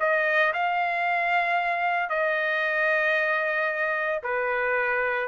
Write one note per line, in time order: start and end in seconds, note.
0.00 0.53 D#5
0.53 2.09 F5
2.09 4.22 D#5
4.23 5.28 B4